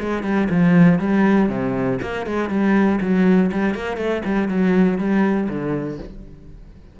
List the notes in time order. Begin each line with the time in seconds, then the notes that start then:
0.00 G#3
0.23 G3
0.50 F3
0.99 G3
1.49 C3
2.02 A#3
2.26 G#3
2.50 G3
3.01 F#3
3.52 G3
3.75 A#3
3.97 A3
4.25 G3
4.48 F#3
4.98 G3
5.49 D3